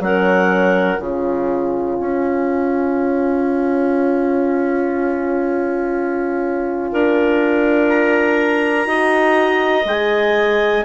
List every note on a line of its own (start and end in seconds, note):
0.00 0.98 F#3
0.00 1.00 C#4
0.00 1.02 A#4
0.00 1.01 F#5
1.00 1.98 C#3
1.00 8.85 F4
1.00 6.92 C#5
1.00 7.89 G#5
2.00 6.92 C#4
6.92 8.87 D4
6.92 8.88 A#4
7.89 9.86 A#5
8.85 9.85 D#4
8.85 9.84 F#4
8.85 10.84 D#5
9.85 10.84 G#3
9.85 10.85 G#4
9.85 10.85 G#5